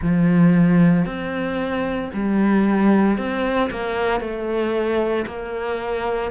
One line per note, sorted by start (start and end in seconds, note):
0.01 1.05 F3
1.05 2.11 C4
2.13 3.17 G3
3.17 3.70 C4
3.70 4.20 A#3
4.20 5.25 A3
5.26 6.31 A#3